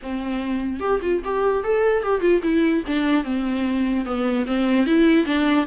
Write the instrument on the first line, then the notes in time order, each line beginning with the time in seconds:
viola
0.02 C4
0.80 G4
1.02 F4
1.24 G4
1.63 A4
2.03 G4
2.20 F4
2.43 E4
2.86 D4
3.24 C4
4.05 B3
4.46 C4
4.86 E4
5.25 D4